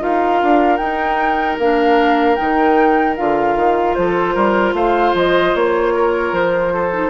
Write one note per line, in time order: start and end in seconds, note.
0.00 0.42 D#4
0.00 0.79 F4
0.00 3.97 A#4
0.00 0.77 F5
0.43 0.79 D4
0.77 1.58 D#4
0.77 1.59 D#4
0.77 1.56 G5
1.59 2.38 A#3
1.59 2.37 D4
1.59 2.36 F5
2.36 3.19 D#3
2.36 3.16 D#4
2.36 3.15 G5
3.17 3.56 D3
3.17 6.92 F4
3.17 3.95 F5
3.56 3.96 D#3
3.95 4.36 F3
3.95 4.35 A4
3.95 4.74 C5
4.35 4.73 G3
4.35 4.74 A#4
4.73 5.12 A3
4.73 5.94 C5
4.73 5.15 F5
5.14 5.54 F3
5.14 5.56 D#5
5.55 6.32 A#3
5.55 6.35 C#5
5.95 6.74 A#4
6.32 7.10 F3
6.32 7.10 C5
6.74 7.10 A4
6.92 7.10 D#4